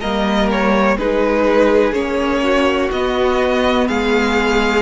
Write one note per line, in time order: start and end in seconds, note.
0.00 0.96 G3
0.00 0.99 A#3
0.00 0.97 A#4
0.00 0.49 D#5
0.51 0.97 C#5
0.96 1.92 G#3
0.96 1.93 D#4
0.96 2.43 G#4
0.96 1.93 B4
1.92 2.89 A#3
1.92 2.90 C#4
1.92 2.90 C#5
2.43 3.88 F#4
2.91 3.88 B3
2.91 4.81 B3
2.91 3.87 D#5
3.87 4.81 G#3
3.87 4.81 G#4
3.87 4.81 F5